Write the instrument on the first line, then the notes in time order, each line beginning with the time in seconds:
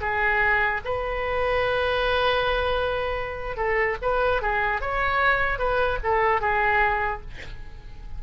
oboe
0.00 G#4
0.84 B4
3.56 A4
4.01 B4
4.41 G#4
4.81 C#5
5.58 B4
6.03 A4
6.41 G#4